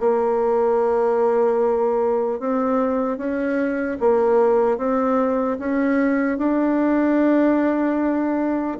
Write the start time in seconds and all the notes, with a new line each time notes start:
0.00 A#3
2.40 C4
3.17 C#4
4.00 A#3
4.77 C4
5.59 C#4
6.38 D4